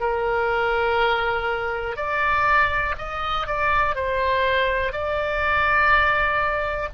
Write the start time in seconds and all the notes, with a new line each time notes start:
0.00 A#4
1.96 D5
2.98 D#5
3.46 D5
3.95 C5
4.92 D5